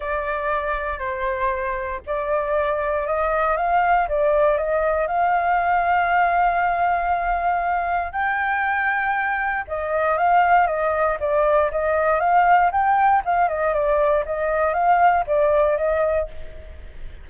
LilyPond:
\new Staff \with { instrumentName = "flute" } { \time 4/4 \tempo 4 = 118 d''2 c''2 | d''2 dis''4 f''4 | d''4 dis''4 f''2~ | f''1 |
g''2. dis''4 | f''4 dis''4 d''4 dis''4 | f''4 g''4 f''8 dis''8 d''4 | dis''4 f''4 d''4 dis''4 | }